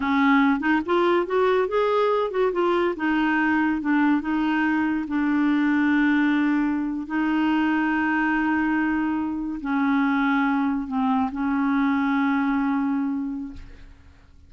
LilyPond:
\new Staff \with { instrumentName = "clarinet" } { \time 4/4 \tempo 4 = 142 cis'4. dis'8 f'4 fis'4 | gis'4. fis'8 f'4 dis'4~ | dis'4 d'4 dis'2 | d'1~ |
d'8. dis'2.~ dis'16~ | dis'2~ dis'8. cis'4~ cis'16~ | cis'4.~ cis'16 c'4 cis'4~ cis'16~ | cis'1 | }